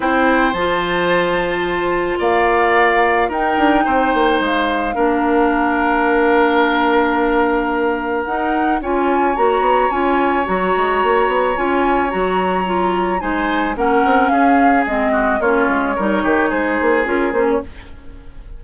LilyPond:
<<
  \new Staff \with { instrumentName = "flute" } { \time 4/4 \tempo 4 = 109 g''4 a''2. | f''2 g''2 | f''1~ | f''2. fis''4 |
gis''4 ais''4 gis''4 ais''4~ | ais''4 gis''4 ais''2 | gis''4 fis''4 f''4 dis''4 | cis''2 c''4 ais'8 c''16 cis''16 | }
  \new Staff \with { instrumentName = "oboe" } { \time 4/4 c''1 | d''2 ais'4 c''4~ | c''4 ais'2.~ | ais'1 |
cis''1~ | cis''1 | c''4 ais'4 gis'4. fis'8 | f'4 ais'8 g'8 gis'2 | }
  \new Staff \with { instrumentName = "clarinet" } { \time 4/4 e'4 f'2.~ | f'2 dis'2~ | dis'4 d'2.~ | d'2. dis'4 |
f'4 fis'4 f'4 fis'4~ | fis'4 f'4 fis'4 f'4 | dis'4 cis'2 c'4 | cis'4 dis'2 f'8 cis'8 | }
  \new Staff \with { instrumentName = "bassoon" } { \time 4/4 c'4 f2. | ais2 dis'8 d'8 c'8 ais8 | gis4 ais2.~ | ais2. dis'4 |
cis'4 ais8 b8 cis'4 fis8 gis8 | ais8 b8 cis'4 fis2 | gis4 ais8 c'8 cis'4 gis4 | ais8 gis8 g8 dis8 gis8 ais8 cis'8 ais8 | }
>>